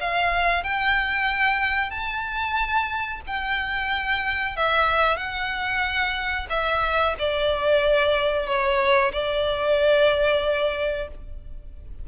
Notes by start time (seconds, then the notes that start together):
0.00 F5
0.63 G5
1.90 A5
3.26 G5
4.56 E5
5.16 F#5
6.49 E5
7.18 D5
8.46 C#5
9.12 D5